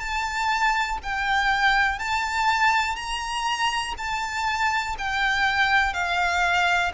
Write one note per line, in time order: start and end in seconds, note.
0.00 0.98 A5
1.03 1.99 G5
1.99 2.96 A5
2.96 3.94 A#5
3.97 4.96 A5
4.98 5.93 G5
5.93 6.92 F5